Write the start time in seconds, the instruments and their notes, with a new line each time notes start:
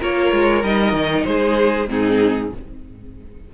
0.00 cello A#3, viola F4, violin A#4 C#5
0.32 cello G#3
0.64 cello G3, viola D#4, violin D#5
0.93 cello D#3
1.24 cello G#3, violin G#4 C5
1.88 cello G#2, viola C4, violin D#4 G#4